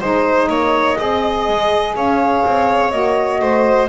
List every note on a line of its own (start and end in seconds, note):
0.00 0.49 G#3
0.00 0.98 D#4
0.00 0.48 C5
0.00 1.94 D#5
0.49 0.97 A#3
0.49 0.98 C#5
0.98 1.48 C4
0.98 2.91 G#4
0.98 1.95 D#5
1.48 1.96 G#3
1.96 2.44 C#4
1.96 3.41 C#5
1.96 2.91 F5
2.46 2.92 C4
2.91 3.40 A#3
2.91 3.88 F#4
2.91 3.88 D#5
3.40 3.89 A3
3.40 3.89 C5